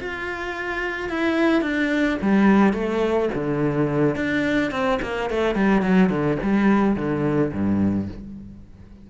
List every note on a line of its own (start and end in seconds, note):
0.00 1.10 F4
1.10 1.62 E4
1.62 2.18 D4
2.22 2.74 G3
2.74 3.30 A3
3.35 4.16 D3
4.16 4.72 D4
4.72 5.00 C4
5.02 5.30 A#3
5.30 5.56 A3
5.56 5.82 G3
5.82 6.10 F#3
6.10 6.38 D3
6.43 6.96 G3
6.96 7.52 D3
7.53 8.09 G2